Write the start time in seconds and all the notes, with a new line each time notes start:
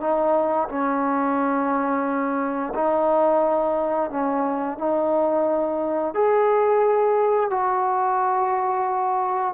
0.00 D#4
0.69 C#4
2.75 D#4
4.10 C#4
4.78 D#4
6.14 G#4
7.50 F#4